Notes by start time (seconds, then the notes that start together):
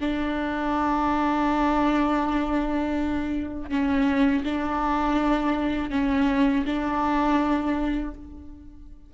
0.00 D4
3.70 C#4
4.45 D4
5.91 C#4
6.66 D4